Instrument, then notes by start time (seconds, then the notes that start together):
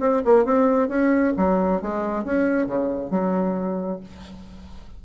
bassoon
0.00 C4
0.25 A#3
0.45 C4
0.88 C#4
1.37 F#3
1.82 G#3
2.24 C#4
2.66 C#3
3.10 F#3